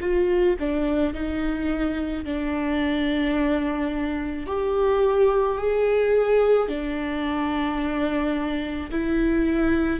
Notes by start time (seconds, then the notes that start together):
0.00 F4
0.59 D4
1.13 D#4
2.24 D4
4.46 G4
5.58 G#4
6.68 D4
8.90 E4